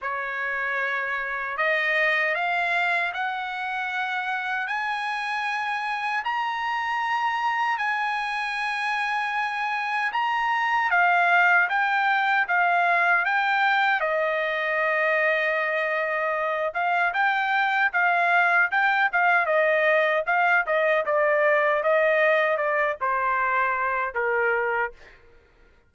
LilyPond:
\new Staff \with { instrumentName = "trumpet" } { \time 4/4 \tempo 4 = 77 cis''2 dis''4 f''4 | fis''2 gis''2 | ais''2 gis''2~ | gis''4 ais''4 f''4 g''4 |
f''4 g''4 dis''2~ | dis''4. f''8 g''4 f''4 | g''8 f''8 dis''4 f''8 dis''8 d''4 | dis''4 d''8 c''4. ais'4 | }